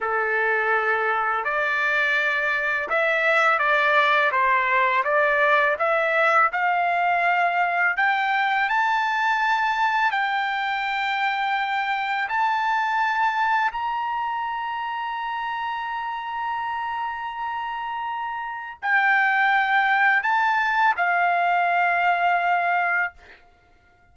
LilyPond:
\new Staff \with { instrumentName = "trumpet" } { \time 4/4 \tempo 4 = 83 a'2 d''2 | e''4 d''4 c''4 d''4 | e''4 f''2 g''4 | a''2 g''2~ |
g''4 a''2 ais''4~ | ais''1~ | ais''2 g''2 | a''4 f''2. | }